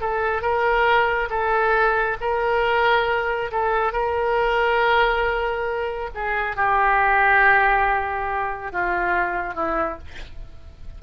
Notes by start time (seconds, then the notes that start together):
0.00 A4
0.41 A#4
1.30 A4
2.20 A#4
3.51 A4
3.92 A#4
6.14 G#4
6.56 G4
8.72 F4
9.54 E4